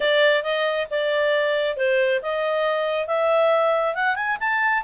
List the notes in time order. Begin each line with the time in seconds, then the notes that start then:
0.00 D5
0.43 D#5
0.90 D5
1.76 C5
2.22 D#5
3.07 E5
3.94 F#5
4.15 G#5
4.40 A5